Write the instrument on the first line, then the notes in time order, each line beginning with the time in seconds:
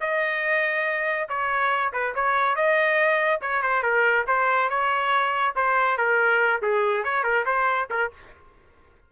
trumpet
0.00 D#5
1.28 C#5
1.93 B4
2.14 C#5
2.55 D#5
3.41 C#5
3.62 C5
3.82 A#4
4.27 C5
4.69 C#5
5.55 C5
5.97 A#4
6.62 G#4
7.03 C#5
7.23 A#4
7.45 C5
7.90 A#4